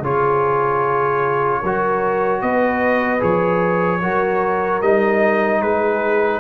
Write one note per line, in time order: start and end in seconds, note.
0.00 1.61 C#3
0.00 1.64 F4
0.00 1.60 G#4
0.00 2.42 C#5
1.62 2.42 F#3
1.62 3.20 F#4
1.62 2.42 A#4
2.42 3.22 B3
2.42 4.02 B4
2.42 3.22 D#5
3.20 4.02 F3
3.20 4.00 G#4
3.20 4.82 C#5
4.02 4.82 F#3
4.02 4.83 F#4
4.02 5.62 A#4
4.82 5.62 G3
4.82 6.40 D#4
4.82 5.62 D#5
5.62 6.40 G#3
5.62 6.40 G#4
5.62 6.40 B4